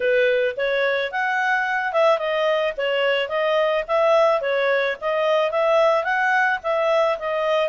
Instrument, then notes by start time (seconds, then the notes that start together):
clarinet
0.00 B4
0.56 C#5
1.11 F#5
1.92 E5
2.18 D#5
2.77 C#5
3.29 D#5
3.87 E5
4.41 C#5
5.00 D#5
5.51 E5
6.04 F#5
6.63 E5
7.18 D#5